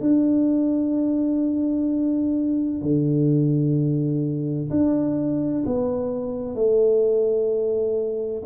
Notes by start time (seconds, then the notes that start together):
0.00 D4
2.82 D3
4.70 D4
5.65 B3
6.55 A3